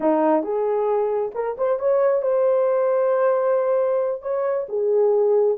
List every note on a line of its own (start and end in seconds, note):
0.00 0.43 D#4
0.43 1.32 G#4
1.34 1.57 A#4
1.57 1.79 C5
1.79 2.22 C#5
2.22 4.22 C5
4.22 4.66 C#5
4.68 5.57 G#4